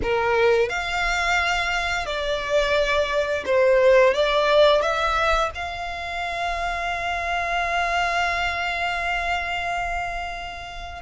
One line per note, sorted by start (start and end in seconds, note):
0.02 0.69 A#4
0.69 2.06 F5
2.06 3.44 D5
3.45 4.14 C5
4.14 4.81 D5
4.81 5.50 E5
5.55 11.02 F5